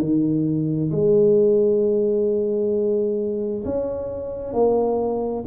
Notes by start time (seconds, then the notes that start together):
0.00 D#3
0.91 G#3
3.65 C#4
4.53 A#3